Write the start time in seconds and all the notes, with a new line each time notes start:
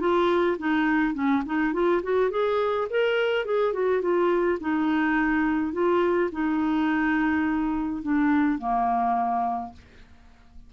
0.00 F4
0.58 D#4
1.14 C#4
1.46 D#4
1.73 F4
2.03 F#4
2.30 G#4
2.90 A#4
3.45 G#4
3.73 F#4
4.02 F4
4.61 D#4
5.73 F4
6.32 D#4
8.03 D4
8.59 A#3